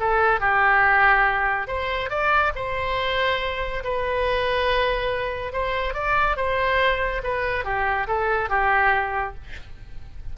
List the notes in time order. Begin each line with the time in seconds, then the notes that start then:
0.00 A4
0.40 G4
1.67 C5
2.10 D5
2.56 C5
3.84 B4
5.53 C5
5.94 D5
6.37 C5
7.24 B4
7.65 G4
8.08 A4
8.50 G4